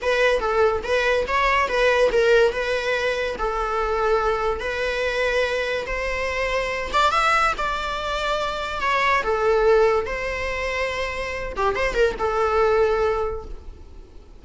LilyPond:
\new Staff \with { instrumentName = "viola" } { \time 4/4 \tempo 4 = 143 b'4 a'4 b'4 cis''4 | b'4 ais'4 b'2 | a'2. b'4~ | b'2 c''2~ |
c''8 d''8 e''4 d''2~ | d''4 cis''4 a'2 | c''2.~ c''8 g'8 | c''8 ais'8 a'2. | }